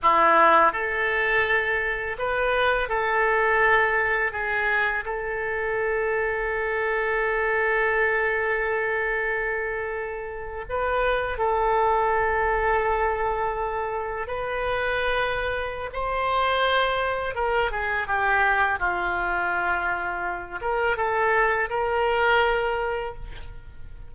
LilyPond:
\new Staff \with { instrumentName = "oboe" } { \time 4/4 \tempo 4 = 83 e'4 a'2 b'4 | a'2 gis'4 a'4~ | a'1~ | a'2~ a'8. b'4 a'16~ |
a'2.~ a'8. b'16~ | b'2 c''2 | ais'8 gis'8 g'4 f'2~ | f'8 ais'8 a'4 ais'2 | }